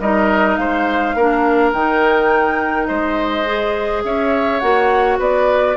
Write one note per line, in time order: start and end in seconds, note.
0.00 0.58 G3
0.00 1.17 D#4
0.00 0.60 A#4
0.00 0.56 D#5
0.56 1.15 G#3
0.56 1.16 C5
0.56 1.72 F5
1.15 1.72 A#3
1.15 1.75 D4
1.15 2.88 A#4
1.73 2.89 D#3
1.73 3.46 D#4
1.73 2.87 G5
2.87 4.04 G#3
2.87 4.03 C5
2.87 4.02 D#5
3.46 4.61 G#4
4.04 4.62 C#4
4.04 5.19 C#5
4.04 4.60 E5
4.60 5.19 A#3
4.60 5.77 F#4
4.60 5.17 F#5
5.19 5.77 B3
5.19 5.77 B4
5.19 5.77 D5